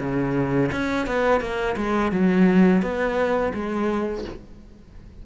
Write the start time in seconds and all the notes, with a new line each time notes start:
0.00 C#3
0.72 C#4
1.07 B3
1.41 A#3
1.76 G#3
2.12 F#3
2.82 B3
3.54 G#3